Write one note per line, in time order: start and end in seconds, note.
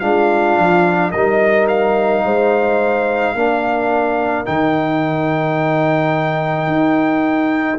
0.00 0.58 G#3
0.00 1.13 D4
0.00 1.12 F4
0.00 1.11 F5
0.58 1.14 F3
1.12 2.24 G3
1.12 3.37 D#4
1.12 2.23 A#4
1.12 1.67 D#5
1.68 4.46 F5
2.24 3.35 G#3
2.24 3.36 C5
3.35 4.46 A#3
3.35 4.46 D4
3.35 7.80 A#4
4.46 6.68 D#3
4.46 7.79 D#4
4.46 7.80 G5
6.68 7.79 D#4